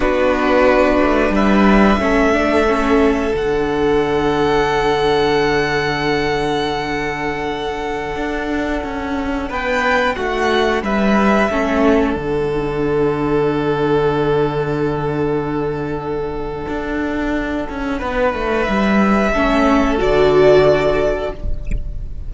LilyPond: <<
  \new Staff \with { instrumentName = "violin" } { \time 4/4 \tempo 4 = 90 b'2 e''2~ | e''4 fis''2.~ | fis''1~ | fis''2~ fis''16 g''4 fis''8.~ |
fis''16 e''2 fis''4.~ fis''16~ | fis''1~ | fis''1 | e''2 d''2 | }
  \new Staff \with { instrumentName = "violin" } { \time 4/4 fis'2 b'4 a'4~ | a'1~ | a'1~ | a'2~ a'16 b'4 fis'8.~ |
fis'16 b'4 a'2~ a'8.~ | a'1~ | a'2. b'4~ | b'4 a'2. | }
  \new Staff \with { instrumentName = "viola" } { \time 4/4 d'2. cis'8 d'8 | cis'4 d'2.~ | d'1~ | d'1~ |
d'4~ d'16 cis'4 d'4.~ d'16~ | d'1~ | d'1~ | d'4 cis'4 fis'2 | }
  \new Staff \with { instrumentName = "cello" } { \time 4/4 b4. a8 g4 a4~ | a4 d2.~ | d1~ | d16 d'4 cis'4 b4 a8.~ |
a16 g4 a4 d4.~ d16~ | d1~ | d4 d'4. cis'8 b8 a8 | g4 a4 d2 | }
>>